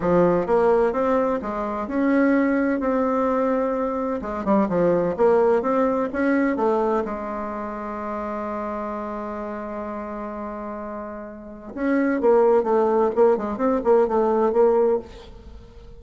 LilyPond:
\new Staff \with { instrumentName = "bassoon" } { \time 4/4 \tempo 4 = 128 f4 ais4 c'4 gis4 | cis'2 c'2~ | c'4 gis8 g8 f4 ais4 | c'4 cis'4 a4 gis4~ |
gis1~ | gis1~ | gis4 cis'4 ais4 a4 | ais8 gis8 c'8 ais8 a4 ais4 | }